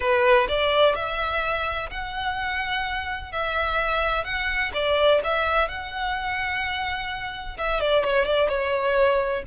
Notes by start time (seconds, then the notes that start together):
0.00 B4
0.48 D5
0.95 E5
1.90 F#5
3.32 E5
4.24 F#5
4.73 D5
5.24 E5
5.68 F#5
7.57 E5
7.80 D5
8.04 C#5
8.25 D5
8.48 C#5